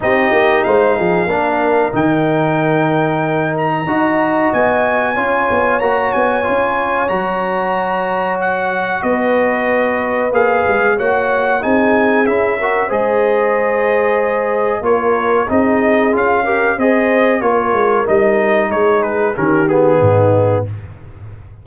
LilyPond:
<<
  \new Staff \with { instrumentName = "trumpet" } { \time 4/4 \tempo 4 = 93 dis''4 f''2 g''4~ | g''4. ais''4. gis''4~ | gis''4 ais''8 gis''4. ais''4~ | ais''4 fis''4 dis''2 |
f''4 fis''4 gis''4 e''4 | dis''2. cis''4 | dis''4 f''4 dis''4 cis''4 | dis''4 cis''8 b'8 ais'8 gis'4. | }
  \new Staff \with { instrumentName = "horn" } { \time 4/4 g'4 c''8 gis'8 ais'2~ | ais'2 dis''2 | cis''1~ | cis''2 b'2~ |
b'4 cis''4 gis'4. ais'8 | c''2. ais'4 | gis'4. ais'8 c''4 ais'4~ | ais'4 gis'4 g'4 dis'4 | }
  \new Staff \with { instrumentName = "trombone" } { \time 4/4 dis'2 d'4 dis'4~ | dis'2 fis'2 | f'4 fis'4 f'4 fis'4~ | fis'1 |
gis'4 fis'4 dis'4 e'8 fis'8 | gis'2. f'4 | dis'4 f'8 g'8 gis'4 f'4 | dis'2 cis'8 b4. | }
  \new Staff \with { instrumentName = "tuba" } { \time 4/4 c'8 ais8 gis8 f8 ais4 dis4~ | dis2 dis'4 b4 | cis'8 b8 ais8 b8 cis'4 fis4~ | fis2 b2 |
ais8 gis8 ais4 c'4 cis'4 | gis2. ais4 | c'4 cis'4 c'4 ais8 gis8 | g4 gis4 dis4 gis,4 | }
>>